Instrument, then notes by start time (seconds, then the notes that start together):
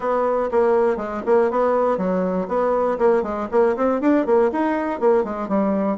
bassoon
0.00 B3
0.51 A#3
0.96 G#3
1.26 A#3
1.50 B3
1.97 F#3
2.48 B3
2.98 A#3
3.22 G#3
3.51 A#3
3.76 C4
4.00 D4
4.25 A#3
4.52 D#4
5.00 A#3
5.24 G#3
5.48 G3